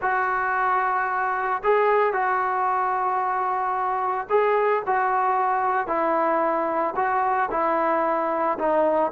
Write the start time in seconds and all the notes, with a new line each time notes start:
0.01 F#4
1.63 G#4
2.13 F#4
4.29 G#4
4.86 F#4
5.87 E4
6.95 F#4
7.50 E4
8.58 D#4